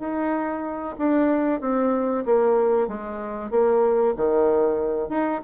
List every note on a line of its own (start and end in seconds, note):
0.00 0.96 D#4
0.99 1.61 D4
1.61 2.25 C4
2.26 2.88 A#3
2.88 3.51 G#3
3.51 4.15 A#3
4.17 5.10 D#3
5.10 5.42 D#4